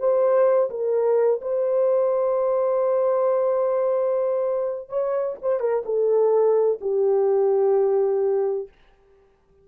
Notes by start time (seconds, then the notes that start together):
0.00 C5
0.71 A#4
1.42 C5
4.89 C#5
5.42 C5
5.60 A#4
5.86 A4
6.81 G4